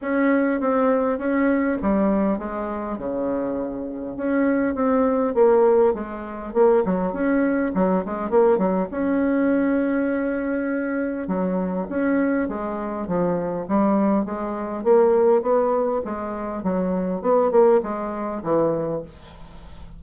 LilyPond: \new Staff \with { instrumentName = "bassoon" } { \time 4/4 \tempo 4 = 101 cis'4 c'4 cis'4 g4 | gis4 cis2 cis'4 | c'4 ais4 gis4 ais8 fis8 | cis'4 fis8 gis8 ais8 fis8 cis'4~ |
cis'2. fis4 | cis'4 gis4 f4 g4 | gis4 ais4 b4 gis4 | fis4 b8 ais8 gis4 e4 | }